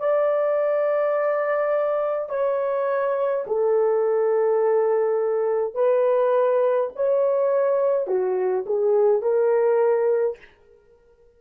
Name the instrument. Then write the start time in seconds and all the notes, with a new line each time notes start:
horn
0.00 D5
2.30 C#5
3.47 A4
5.75 B4
6.96 C#5
8.08 F#4
8.66 G#4
9.23 A#4